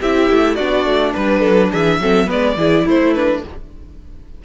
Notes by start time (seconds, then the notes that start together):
0.00 C4 E4 G4 E5
0.30 A3
0.55 B3 D4 F#4 D5
0.85 A3
1.13 G3 B4
1.40 F#3 A4
1.71 E3 G#4 E5
2.00 F#3 C4 A4
2.27 G#3 B3 B4 D5
2.57 E3 E4 G#4
2.86 A3 E4 C5
3.14 D4 B4